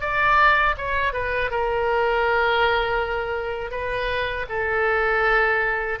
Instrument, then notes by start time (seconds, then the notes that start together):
oboe
0.00 D5
0.77 C#5
1.12 B4
1.50 A#4
3.71 B4
4.49 A4